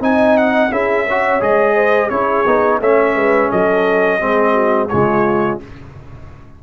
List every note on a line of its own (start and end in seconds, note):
0.00 0.70 C4
0.00 0.70 D#4
0.00 0.72 D#5
0.00 0.37 G#5
0.37 0.72 F#5
0.71 1.41 C#4
0.71 1.06 E4
0.71 1.06 G#4
0.71 1.42 E5
1.07 1.40 F#4
1.07 1.75 C#5
1.40 2.10 G#3
1.40 2.10 G#4
1.40 2.09 D#5
1.75 2.09 C5
2.09 2.45 C#4
2.09 2.45 E4
2.09 2.79 G#4
2.09 2.79 C#5
2.46 2.80 B3
2.46 2.81 D#4
2.79 3.15 A3
2.79 4.19 C#4
2.79 3.14 C#5
2.79 3.51 E5
3.15 3.50 G#3
3.15 3.49 B4
3.49 4.21 F#3
3.49 4.19 A4
3.49 4.88 D#5
4.19 4.91 G#3
4.19 4.89 C4
4.19 4.53 G#4
4.53 4.88 F#4
4.88 5.63 C#3
4.88 5.60 G#3
4.88 5.62 F4
4.88 5.58 C#5